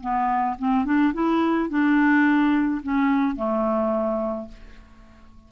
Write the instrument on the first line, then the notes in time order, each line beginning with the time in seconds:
clarinet
0.00 B3
0.58 C4
0.85 D4
1.13 E4
1.69 D4
2.82 C#4
3.35 A3